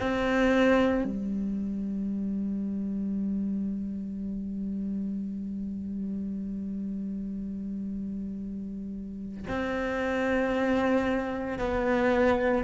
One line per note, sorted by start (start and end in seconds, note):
0.00 1.04 C4
1.04 9.46 G3
9.48 11.59 C4
11.59 12.64 B3